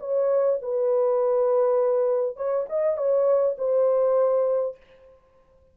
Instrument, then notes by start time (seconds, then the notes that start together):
horn
0.00 C#5
0.62 B4
2.36 C#5
2.69 D#5
2.97 C#5
3.58 C5